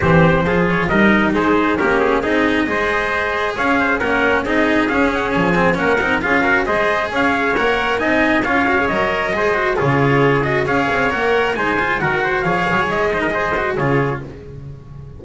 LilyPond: <<
  \new Staff \with { instrumentName = "trumpet" } { \time 4/4 \tempo 4 = 135 c''4. cis''8 dis''4 c''4 | ais'8 gis'8 dis''2. | f''4 fis''4 dis''4 f''8 fis''8 | gis''4 fis''4 f''4 dis''4 |
f''4 fis''4 gis''4 f''4 | dis''2 cis''4. dis''8 | f''4 fis''4 gis''4 fis''4 | f''4 dis''2 cis''4 | }
  \new Staff \with { instrumentName = "trumpet" } { \time 4/4 g'4 gis'4 ais'4 gis'4 | g'4 gis'4 c''2 | cis''8 c''8 ais'4 gis'2~ | gis'4 ais'4 gis'8 ais'8 c''4 |
cis''2 dis''4 cis''4~ | cis''4 c''4 gis'2 | cis''2 c''4 ais'8 c''8 | cis''4. c''16 ais'16 c''4 gis'4 | }
  \new Staff \with { instrumentName = "cello" } { \time 4/4 c'4 f'4 dis'2 | cis'4 dis'4 gis'2~ | gis'4 cis'4 dis'4 cis'4~ | cis'8 c'8 cis'8 dis'8 f'8 fis'8 gis'4~ |
gis'4 ais'4 dis'4 f'8 fis'16 gis'16 | ais'4 gis'8 fis'8 f'4. fis'8 | gis'4 ais'4 dis'8 f'8 fis'4 | gis'4. dis'8 gis'8 fis'8 f'4 | }
  \new Staff \with { instrumentName = "double bass" } { \time 4/4 e4 f4 g4 gis4 | ais4 c'4 gis2 | cis'4 ais4 c'4 cis'4 | f4 ais8 c'8 cis'4 gis4 |
cis'4 ais4 c'4 cis'4 | fis4 gis4 cis2 | cis'8 c'8 ais4 gis4 dis4 | f8 fis8 gis2 cis4 | }
>>